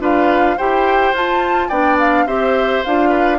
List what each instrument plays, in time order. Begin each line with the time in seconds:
0.00 bassoon D4, clarinet F4, oboe B4, flute F5
0.57 bassoon E4, clarinet G4, oboe C5, flute G5
1.12 bassoon F4, clarinet F4, flute A5
1.69 bassoon B3, clarinet D4, oboe D5, flute G5
1.99 flute F5
2.26 bassoon C4, clarinet G4, oboe C5, flute E5
2.84 bassoon D4, clarinet F4, flute F5
3.09 oboe B4